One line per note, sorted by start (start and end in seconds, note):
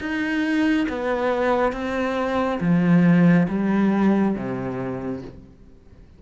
0.00 0.87 D#4
0.89 1.72 B3
1.72 2.59 C4
2.60 3.47 F3
3.49 4.35 G3
4.35 5.22 C3